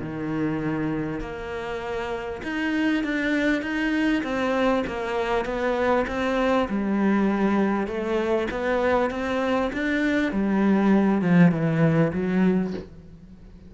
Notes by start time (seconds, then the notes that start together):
0.00 D#3
1.20 A#3
2.43 D#4
3.04 D4
3.62 D#4
4.23 C4
4.87 A#3
5.45 B3
6.07 C4
6.69 G3
7.87 A3
8.51 B3
9.10 C4
9.73 D4
10.32 G3
11.21 F3
11.52 E3
12.13 F#3